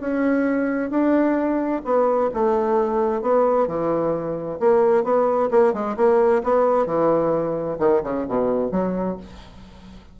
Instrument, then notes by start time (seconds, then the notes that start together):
bassoon
0.00 C#4
0.90 D4
1.84 B3
2.34 A3
3.21 B3
3.67 E3
4.60 A#3
5.03 B3
5.50 A#3
5.73 G#3
5.96 A#3
6.43 B3
6.86 E3
7.79 D#3
8.03 C#3
8.28 B2
8.71 F#3